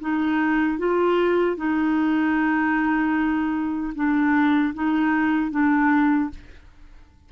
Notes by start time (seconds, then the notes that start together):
0.00 D#4
0.78 F4
1.56 D#4
3.95 D4
4.74 D#4
5.51 D4